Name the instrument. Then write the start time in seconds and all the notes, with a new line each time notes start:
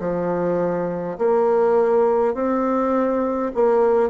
bassoon
0.00 F3
1.18 A#3
2.35 C4
3.55 A#3